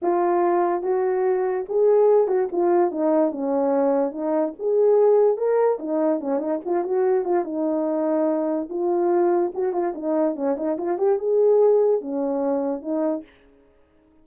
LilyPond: \new Staff \with { instrumentName = "horn" } { \time 4/4 \tempo 4 = 145 f'2 fis'2 | gis'4. fis'8 f'4 dis'4 | cis'2 dis'4 gis'4~ | gis'4 ais'4 dis'4 cis'8 dis'8 |
f'8 fis'4 f'8 dis'2~ | dis'4 f'2 fis'8 f'8 | dis'4 cis'8 dis'8 f'8 g'8 gis'4~ | gis'4 cis'2 dis'4 | }